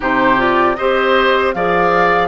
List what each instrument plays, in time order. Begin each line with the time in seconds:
0.00 bassoon C3, clarinet D#4, oboe G4, flute C5
0.37 clarinet F4, flute D5
0.75 bassoon C4, clarinet G4, oboe C5, flute D#5
1.53 bassoon F3, clarinet G#4, oboe D5, flute F5